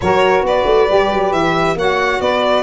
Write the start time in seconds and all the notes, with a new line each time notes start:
0.01 F#3 F#4 A#4 C#5
0.42 B3 B4 D5
0.65 A3
0.88 G3 G4
1.11 F#3
1.32 E3 E5
1.75 A#3 F#4 C#5 F#5
2.20 B3 B4 D5